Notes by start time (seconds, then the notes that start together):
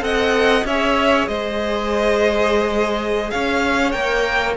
0.00 C4 A4 D#5 F#5
0.65 C#4 G#4 C#5 E5
1.28 G#3 C5 D#5
3.30 C#4 C#5 F5
3.92 A#3 A#4 G5